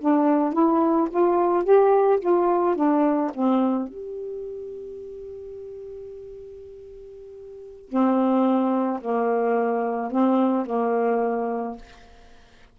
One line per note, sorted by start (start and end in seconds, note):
0.00 0.52 D4
0.52 1.08 E4
1.10 1.64 F4
1.64 2.19 G4
2.20 2.75 F4
2.75 3.31 D4
3.33 3.88 C4
3.88 7.88 G4
7.88 8.99 C4
9.01 10.11 A#3
10.11 10.66 C4
10.66 11.77 A#3